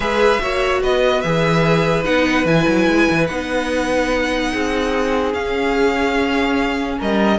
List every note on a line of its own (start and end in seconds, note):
0.00 0.38 G#3
0.00 0.40 G#4
0.00 0.41 B4
0.00 0.82 E5
0.41 0.82 A#3
0.41 1.23 F#4
0.41 0.82 C#5
0.82 1.23 B3
0.82 4.52 B4
0.82 1.21 D#5
1.21 2.05 E3
1.21 2.04 G#4
1.21 2.03 E5
2.04 2.45 B3
2.04 2.45 D#4
2.04 2.45 F#5
2.45 2.65 E3
2.45 3.28 E4
2.45 3.26 G#5
2.67 2.87 F#3
2.87 3.08 G#3
3.10 3.29 E3
3.26 4.53 B3
3.26 5.34 D#4
3.26 5.32 F#5
4.52 5.34 C4
4.52 6.98 G#4
5.34 6.98 C#4
5.34 7.38 C#4
5.34 6.98 F5
6.98 7.38 G3
6.98 7.38 A#4
6.98 7.38 D#5